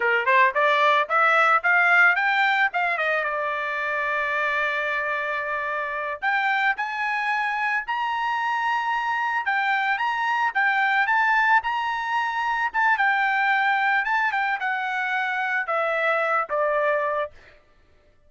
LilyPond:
\new Staff \with { instrumentName = "trumpet" } { \time 4/4 \tempo 4 = 111 ais'8 c''8 d''4 e''4 f''4 | g''4 f''8 dis''8 d''2~ | d''2.~ d''8 g''8~ | g''8 gis''2 ais''4.~ |
ais''4. g''4 ais''4 g''8~ | g''8 a''4 ais''2 a''8 | g''2 a''8 g''8 fis''4~ | fis''4 e''4. d''4. | }